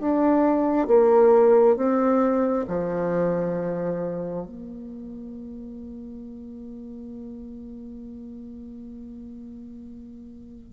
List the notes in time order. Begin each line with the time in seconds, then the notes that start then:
0.00 D4
0.87 A#3
1.76 C4
2.67 F3
4.47 A#3